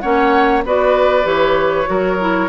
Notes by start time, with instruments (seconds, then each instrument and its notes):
0.00 bassoon A#3, clarinet C#4, oboe C#5, flute F#5
0.65 bassoon B3, clarinet F#4, oboe B4, flute D5
1.23 bassoon E3, clarinet G4, flute C#5
1.85 bassoon F#3, clarinet F#4, oboe A#4
2.19 clarinet E4